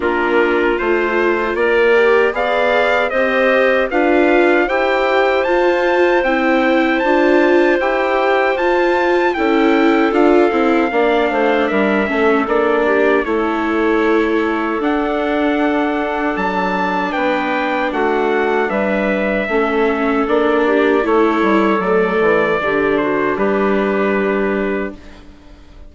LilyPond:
<<
  \new Staff \with { instrumentName = "trumpet" } { \time 4/4 \tempo 4 = 77 ais'4 c''4 d''4 f''4 | dis''4 f''4 g''4 a''4 | g''4 a''4 g''4 a''4 | g''4 f''2 e''4 |
d''4 cis''2 fis''4~ | fis''4 a''4 g''4 fis''4 | e''2 d''4 cis''4 | d''4. c''8 b'2 | }
  \new Staff \with { instrumentName = "clarinet" } { \time 4/4 f'2 ais'4 d''4 | c''4 b'4 c''2~ | c''1 | a'2 d''8 c''8 ais'8 a'8~ |
a'8 g'8 a'2.~ | a'2 b'4 fis'4 | b'4 a'4. g'8 a'4~ | a'4 g'8 fis'8 g'2 | }
  \new Staff \with { instrumentName = "viola" } { \time 4/4 d'4 f'4. g'8 gis'4 | g'4 f'4 g'4 f'4 | e'4 f'4 g'4 f'4 | e'4 f'8 e'8 d'4. cis'8 |
d'4 e'2 d'4~ | d'1~ | d'4 cis'4 d'4 e'4 | a4 d'2. | }
  \new Staff \with { instrumentName = "bassoon" } { \time 4/4 ais4 a4 ais4 b4 | c'4 d'4 e'4 f'4 | c'4 d'4 e'4 f'4 | cis'4 d'8 c'8 ais8 a8 g8 a8 |
ais4 a2 d'4~ | d'4 fis4 b4 a4 | g4 a4 ais4 a8 g8 | fis8 e8 d4 g2 | }
>>